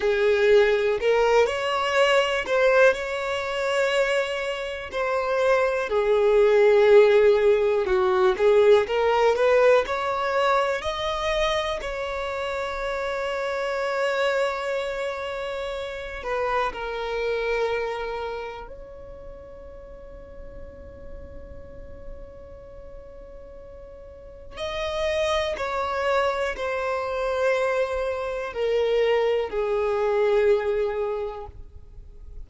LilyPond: \new Staff \with { instrumentName = "violin" } { \time 4/4 \tempo 4 = 61 gis'4 ais'8 cis''4 c''8 cis''4~ | cis''4 c''4 gis'2 | fis'8 gis'8 ais'8 b'8 cis''4 dis''4 | cis''1~ |
cis''8 b'8 ais'2 cis''4~ | cis''1~ | cis''4 dis''4 cis''4 c''4~ | c''4 ais'4 gis'2 | }